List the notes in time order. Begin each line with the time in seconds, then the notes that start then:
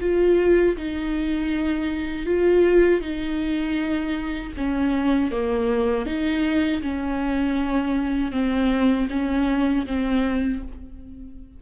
0.00 F4
0.76 D#4
2.26 F4
3.01 D#4
4.57 C#4
5.31 A#3
6.06 D#4
6.81 C#4
8.32 C4
9.10 C#4
9.86 C4